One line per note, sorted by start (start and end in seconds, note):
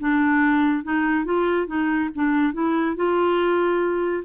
0.00 0.84 D4
0.84 1.25 D#4
1.25 1.67 F4
1.67 2.10 D#4
2.15 2.53 D4
2.53 2.96 E4
2.96 4.24 F4